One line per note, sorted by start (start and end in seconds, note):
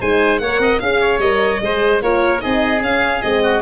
0.00 0.40 G#3
0.00 0.41 D#4
0.00 0.40 C5
0.00 0.38 G#5
0.38 0.58 A#3
0.38 0.81 A#4
0.38 0.61 C#5
0.38 0.79 F#5
0.58 0.79 C4
0.58 0.81 D#5
0.79 1.18 C#4
0.79 1.21 G#4
0.79 1.19 F5
0.79 1.00 F5
1.00 1.60 C#5
1.18 1.59 G3
1.18 1.61 A#4
1.18 2.00 D#5
1.61 2.01 G#3
1.61 2.02 G#4
1.61 2.03 C5
2.01 2.42 A#3
2.01 2.39 F4
2.01 2.42 A#4
2.01 2.41 C#5
2.39 2.80 C4
2.39 2.79 D#4
2.39 3.43 G#4
2.39 2.81 D#5
2.80 3.20 C#4
2.80 3.22 C#4
2.80 3.22 F5
3.22 3.62 G#3
3.22 3.62 C4
3.22 3.62 D#5
3.43 3.62 F#4